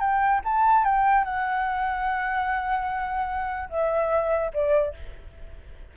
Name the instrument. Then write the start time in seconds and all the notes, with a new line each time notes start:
flute
0.00 G5
0.44 A5
0.85 G5
1.24 F#5
3.70 E5
4.54 D5